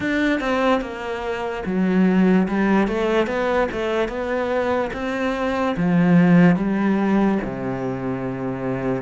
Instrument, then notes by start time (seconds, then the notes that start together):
cello
0.00 D4
0.40 C4
0.81 A#3
1.65 F#3
2.48 G3
2.87 A3
3.27 B3
3.71 A3
4.08 B3
4.93 C4
5.76 F3
6.56 G3
7.43 C3